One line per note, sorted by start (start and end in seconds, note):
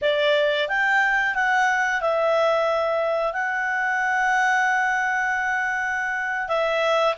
0.01 0.68 D5
0.68 1.35 G5
1.35 2.01 F#5
2.01 3.33 E5
3.33 6.48 F#5
6.48 7.15 E5